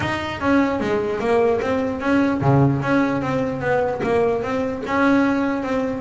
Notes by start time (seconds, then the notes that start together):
0.00 D#4
0.40 C#4
0.80 G#3
1.19 A#3
1.61 C4
2.00 C#4
2.41 C#3
2.82 C#4
3.21 C4
3.60 B3
4.03 A#3
4.42 C4
4.86 C#4
5.62 C4